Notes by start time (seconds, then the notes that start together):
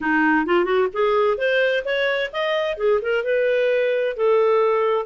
0.00 D#4
0.46 F4
0.64 F#4
0.93 G#4
1.37 C5
1.84 C#5
2.32 D#5
2.77 G#4
3.01 A#4
3.24 B4
4.16 A4